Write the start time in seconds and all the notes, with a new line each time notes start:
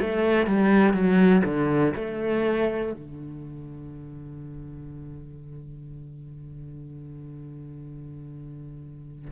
0.00 A3
0.46 G3
0.93 F#3
1.45 D3
1.95 A3
2.93 D3